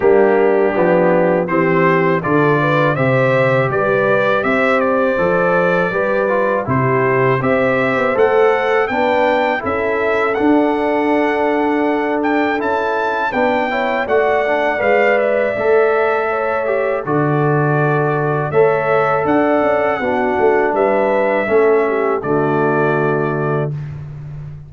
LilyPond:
<<
  \new Staff \with { instrumentName = "trumpet" } { \time 4/4 \tempo 4 = 81 g'2 c''4 d''4 | e''4 d''4 e''8 d''4.~ | d''4 c''4 e''4 fis''4 | g''4 e''4 fis''2~ |
fis''8 g''8 a''4 g''4 fis''4 | f''8 e''2~ e''8 d''4~ | d''4 e''4 fis''2 | e''2 d''2 | }
  \new Staff \with { instrumentName = "horn" } { \time 4/4 d'2 g'4 a'8 b'8 | c''4 b'4 c''2 | b'4 g'4 c''2 | b'4 a'2.~ |
a'2 b'8 cis''8 d''4~ | d''2 cis''4 a'4~ | a'4 cis''4 d''4 fis'4 | b'4 a'8 g'8 fis'2 | }
  \new Staff \with { instrumentName = "trombone" } { \time 4/4 ais4 b4 c'4 f'4 | g'2. a'4 | g'8 f'8 e'4 g'4 a'4 | d'4 e'4 d'2~ |
d'4 e'4 d'8 e'8 fis'8 d'8 | b'4 a'4. g'8 fis'4~ | fis'4 a'2 d'4~ | d'4 cis'4 a2 | }
  \new Staff \with { instrumentName = "tuba" } { \time 4/4 g4 f4 e4 d4 | c4 g4 c'4 f4 | g4 c4 c'8. b16 a4 | b4 cis'4 d'2~ |
d'4 cis'4 b4 a4 | gis4 a2 d4~ | d4 a4 d'8 cis'8 b8 a8 | g4 a4 d2 | }
>>